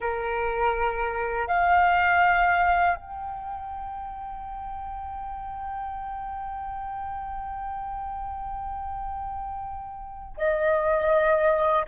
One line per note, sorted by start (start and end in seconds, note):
0.00 1.47 A#4
1.47 2.95 F5
2.95 10.36 G5
10.37 11.85 D#5